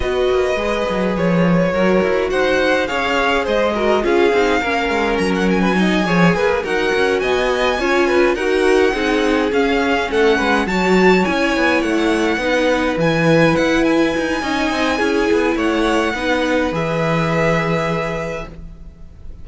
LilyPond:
<<
  \new Staff \with { instrumentName = "violin" } { \time 4/4 \tempo 4 = 104 dis''2 cis''2 | fis''4 f''4 dis''4 f''4~ | f''4 ais''16 fis''16 gis''2 fis''8~ | fis''8 gis''2 fis''4.~ |
fis''8 f''4 fis''4 a''4 gis''8~ | gis''8 fis''2 gis''4 fis''8 | gis''2. fis''4~ | fis''4 e''2. | }
  \new Staff \with { instrumentName = "violin" } { \time 4/4 b'2. ais'4 | c''4 cis''4 c''8 ais'8 gis'4 | ais'4.~ ais'16 b'16 dis''8 cis''8 b'8 ais'8~ | ais'8 dis''4 cis''8 b'8 ais'4 gis'8~ |
gis'4. a'8 b'8 cis''4.~ | cis''4. b'2~ b'8~ | b'4 dis''4 gis'4 cis''4 | b'1 | }
  \new Staff \with { instrumentName = "viola" } { \time 4/4 fis'4 gis'2 fis'4~ | fis'4 gis'4. fis'8 f'8 dis'8 | cis'2 dis'8 gis'4 fis'8~ | fis'4. f'4 fis'4 dis'8~ |
dis'8 cis'2 fis'4 e'8~ | e'4. dis'4 e'4.~ | e'4 dis'4 e'2 | dis'4 gis'2. | }
  \new Staff \with { instrumentName = "cello" } { \time 4/4 b8 ais8 gis8 fis8 f4 fis8 e'8 | dis'4 cis'4 gis4 cis'8 c'8 | ais8 gis8 fis4. f8 ais8 dis'8 | cis'8 b4 cis'4 dis'4 c'8~ |
c'8 cis'4 a8 gis8 fis4 cis'8 | b8 a4 b4 e4 e'8~ | e'8 dis'8 cis'8 c'8 cis'8 b8 a4 | b4 e2. | }
>>